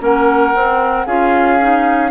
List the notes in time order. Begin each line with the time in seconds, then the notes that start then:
0.00 A#3 C#4 A#4 F#5
0.55 C4
1.06 C#4 F4 G#4 F5
1.60 D#4